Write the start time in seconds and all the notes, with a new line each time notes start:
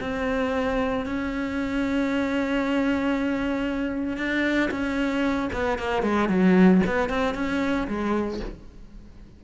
0.00 C4
1.05 C#4
4.17 D4
4.70 C#4
5.53 B3
5.78 A#3
6.02 G#3
6.28 F#3
6.86 B3
7.09 C4
7.34 C#4
7.87 G#3